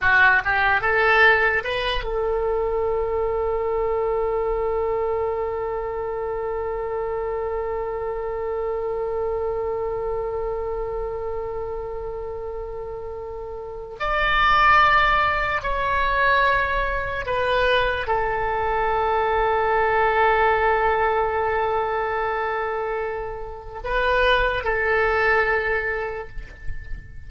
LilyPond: \new Staff \with { instrumentName = "oboe" } { \time 4/4 \tempo 4 = 73 fis'8 g'8 a'4 b'8 a'4.~ | a'1~ | a'1~ | a'1~ |
a'4 d''2 cis''4~ | cis''4 b'4 a'2~ | a'1~ | a'4 b'4 a'2 | }